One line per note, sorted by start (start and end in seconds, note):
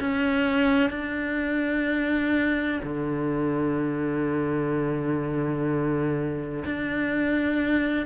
0.00 0.90 C#4
0.90 2.81 D4
2.83 6.64 D3
6.65 8.06 D4